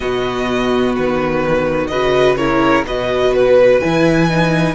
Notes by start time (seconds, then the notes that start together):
0.00 B2 B3 F#4 D#5
0.95 D#3 B4
1.87 C#3 F#4 B4 D#5
2.37 E4 A#4 C#5
2.84 B2 F#4 B4 D#5
3.33 B4
3.80 E3 E4 G#5
4.29 D#4